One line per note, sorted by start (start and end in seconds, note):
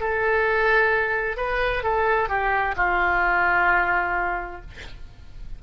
0.00 1.37 A4
1.37 1.83 B4
1.83 2.29 A4
2.29 2.75 G4
2.77 4.61 F4